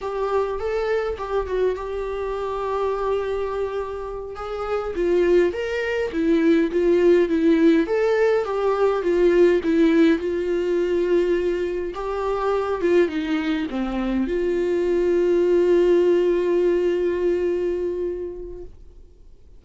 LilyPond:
\new Staff \with { instrumentName = "viola" } { \time 4/4 \tempo 4 = 103 g'4 a'4 g'8 fis'8 g'4~ | g'2.~ g'8 gis'8~ | gis'8 f'4 ais'4 e'4 f'8~ | f'8 e'4 a'4 g'4 f'8~ |
f'8 e'4 f'2~ f'8~ | f'8 g'4. f'8 dis'4 c'8~ | c'8 f'2.~ f'8~ | f'1 | }